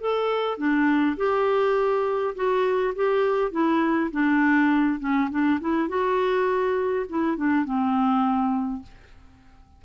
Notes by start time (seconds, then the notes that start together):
0.00 A4
0.57 D4
1.17 G4
2.35 F#4
2.95 G4
3.51 E4
4.11 D4
4.99 C#4
5.30 D4
5.60 E4
5.88 F#4
7.09 E4
7.36 D4
7.64 C4